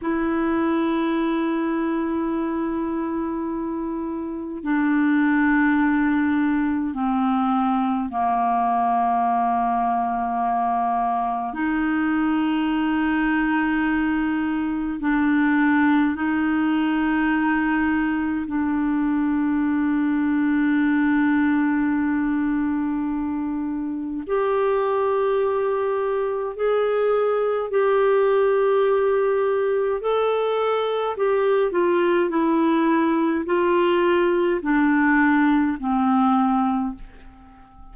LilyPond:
\new Staff \with { instrumentName = "clarinet" } { \time 4/4 \tempo 4 = 52 e'1 | d'2 c'4 ais4~ | ais2 dis'2~ | dis'4 d'4 dis'2 |
d'1~ | d'4 g'2 gis'4 | g'2 a'4 g'8 f'8 | e'4 f'4 d'4 c'4 | }